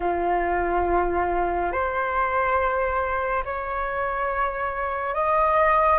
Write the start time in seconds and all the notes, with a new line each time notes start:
0.00 F4
1.72 C5
3.44 C#5
5.14 D#5